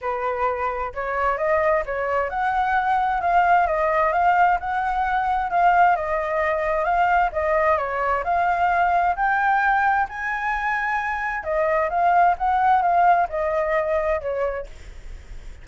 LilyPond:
\new Staff \with { instrumentName = "flute" } { \time 4/4 \tempo 4 = 131 b'2 cis''4 dis''4 | cis''4 fis''2 f''4 | dis''4 f''4 fis''2 | f''4 dis''2 f''4 |
dis''4 cis''4 f''2 | g''2 gis''2~ | gis''4 dis''4 f''4 fis''4 | f''4 dis''2 cis''4 | }